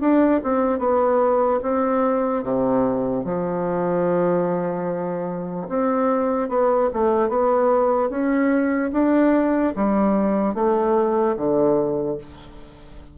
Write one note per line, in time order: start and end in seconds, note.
0.00 0.41 D4
0.43 0.79 C4
0.79 1.60 B3
1.62 2.43 C4
2.43 3.24 C3
3.24 5.67 F3
5.68 6.49 C4
6.49 6.89 B3
6.93 7.28 A3
7.28 8.09 B3
8.09 8.90 C#4
8.92 9.73 D4
9.75 10.54 G3
10.54 11.35 A3
11.36 12.17 D3